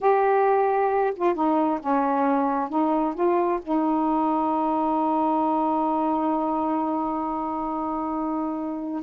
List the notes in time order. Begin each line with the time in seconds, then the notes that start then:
0.00 G4
1.15 F4
1.34 D#4
1.80 C#4
2.69 D#4
3.14 F4
3.62 D#4